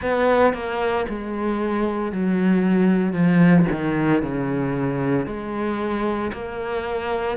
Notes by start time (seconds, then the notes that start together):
0.02 B3
0.53 A#3
1.09 G#3
2.11 F#3
3.12 F3
3.71 D#3
4.22 C#3
5.26 G#3
6.33 A#3